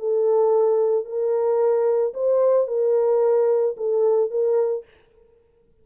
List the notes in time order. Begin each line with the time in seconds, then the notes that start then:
0.00 A4
1.05 A#4
2.14 C5
2.68 A#4
3.77 A4
4.31 A#4